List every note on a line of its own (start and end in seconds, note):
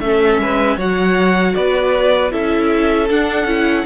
0.00 0.38 A3
0.00 0.78 C#4
0.00 0.42 A4
0.00 0.77 E5
0.38 0.77 G#3
0.38 0.77 B4
0.77 1.54 F#3
0.77 2.31 F#4
0.77 1.54 C#5
0.77 1.55 F#5
1.55 2.33 B3
1.55 2.32 B4
1.55 2.32 D5
2.31 3.10 C#4
2.31 3.08 E4
2.31 3.86 A4
2.31 3.09 E5
3.09 3.45 D4
3.09 3.47 D4
3.09 3.86 F#5
3.45 3.83 C#4
3.45 3.85 E4